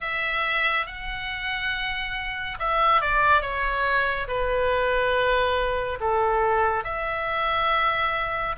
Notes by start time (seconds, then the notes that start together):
0.00 E5
0.86 F#5
2.59 E5
3.01 D5
3.41 C#5
4.27 B4
6.00 A4
6.84 E5